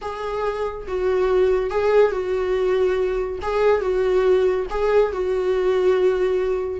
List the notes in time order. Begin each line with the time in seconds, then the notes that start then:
0.01 G#4
0.87 F#4
1.70 G#4
2.11 F#4
3.42 G#4
3.81 F#4
4.69 G#4
5.12 F#4